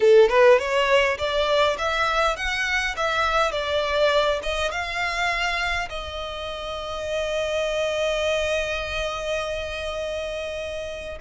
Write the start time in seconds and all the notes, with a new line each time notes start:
0.00 A4
0.29 B4
0.58 C#5
1.18 D5
1.78 E5
2.36 F#5
2.96 E5
3.51 D5
4.42 D#5
4.71 F5
5.89 D#5